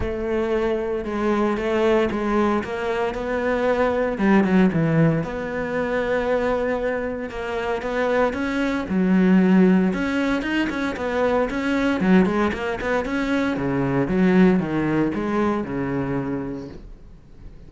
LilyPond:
\new Staff \with { instrumentName = "cello" } { \time 4/4 \tempo 4 = 115 a2 gis4 a4 | gis4 ais4 b2 | g8 fis8 e4 b2~ | b2 ais4 b4 |
cis'4 fis2 cis'4 | dis'8 cis'8 b4 cis'4 fis8 gis8 | ais8 b8 cis'4 cis4 fis4 | dis4 gis4 cis2 | }